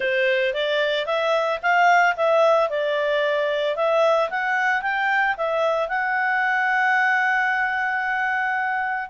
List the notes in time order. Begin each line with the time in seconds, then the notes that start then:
0.00 C5
0.53 D5
1.06 E5
1.62 F5
2.16 E5
2.69 D5
3.75 E5
4.30 F#5
4.82 G5
5.37 E5
5.88 F#5